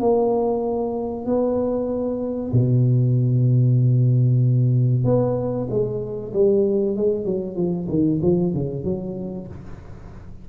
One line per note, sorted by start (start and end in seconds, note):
0.00 1.25 A#3
1.25 2.52 B3
2.52 5.04 B2
5.04 5.68 B3
5.70 6.33 G#3
6.33 6.96 G3
6.96 7.25 G#3
7.25 7.56 F#3
7.56 7.87 F3
7.89 8.20 D#3
8.22 8.54 F3
8.54 8.84 C#3
8.84 9.47 F#3